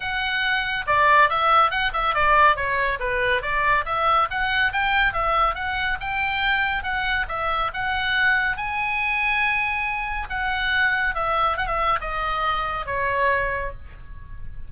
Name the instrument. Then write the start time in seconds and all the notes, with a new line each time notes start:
oboe
0.00 F#5
0.86 D5
1.29 E5
1.70 F#5
1.93 E5
2.14 D5
2.56 C#5
2.99 B4
3.42 D5
3.85 E5
4.30 F#5
4.72 G5
5.13 E5
5.55 F#5
6.00 G5
6.83 F#5
7.28 E5
7.73 F#5
8.56 G#5
10.29 F#5
11.14 E5
11.57 F#5
11.66 E5
12.01 D#5
12.86 C#5